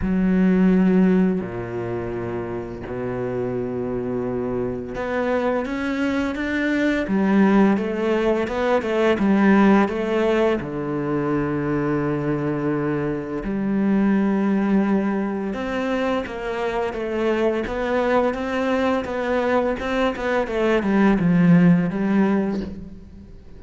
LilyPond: \new Staff \with { instrumentName = "cello" } { \time 4/4 \tempo 4 = 85 fis2 ais,2 | b,2. b4 | cis'4 d'4 g4 a4 | b8 a8 g4 a4 d4~ |
d2. g4~ | g2 c'4 ais4 | a4 b4 c'4 b4 | c'8 b8 a8 g8 f4 g4 | }